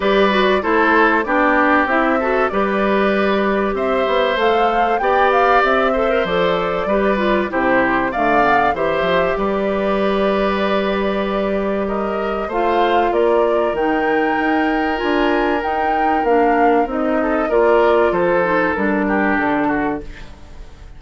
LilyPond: <<
  \new Staff \with { instrumentName = "flute" } { \time 4/4 \tempo 4 = 96 d''4 c''4 d''4 e''4 | d''2 e''4 f''4 | g''8 f''8 e''4 d''2 | c''4 f''4 e''4 d''4~ |
d''2. dis''4 | f''4 d''4 g''2 | gis''4 g''4 f''4 dis''4 | d''4 c''4 ais'4 a'4 | }
  \new Staff \with { instrumentName = "oboe" } { \time 4/4 b'4 a'4 g'4. a'8 | b'2 c''2 | d''4. c''4. b'4 | g'4 d''4 c''4 b'4~ |
b'2. ais'4 | c''4 ais'2.~ | ais'2.~ ais'8 a'8 | ais'4 a'4. g'4 fis'8 | }
  \new Staff \with { instrumentName = "clarinet" } { \time 4/4 g'8 fis'8 e'4 d'4 e'8 fis'8 | g'2. a'4 | g'4. a'16 ais'16 a'4 g'8 f'8 | e'4 a8 b8 g'2~ |
g'1 | f'2 dis'2 | f'4 dis'4 d'4 dis'4 | f'4. dis'8 d'2 | }
  \new Staff \with { instrumentName = "bassoon" } { \time 4/4 g4 a4 b4 c'4 | g2 c'8 b8 a4 | b4 c'4 f4 g4 | c4 d4 e8 f8 g4~ |
g1 | a4 ais4 dis4 dis'4 | d'4 dis'4 ais4 c'4 | ais4 f4 g4 d4 | }
>>